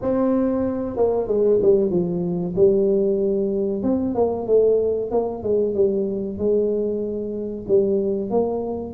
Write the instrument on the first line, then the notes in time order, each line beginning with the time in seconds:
tuba
0.01 C4
0.96 A#3
1.27 G#3
1.61 G3
1.90 F3
2.55 G3
3.82 C4
4.15 A#3
4.47 A3
5.10 A#3
5.43 G#3
5.74 G3
6.37 G#3
7.68 G3
8.30 A#3